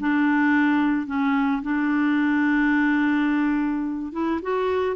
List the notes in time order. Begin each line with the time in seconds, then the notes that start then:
0.00 D4
1.07 C#4
1.62 D4
4.13 E4
4.42 F#4